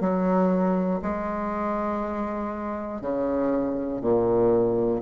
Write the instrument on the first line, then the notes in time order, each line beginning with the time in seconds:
bassoon
0.00 F#3
1.02 G#3
3.00 C#3
4.01 A#2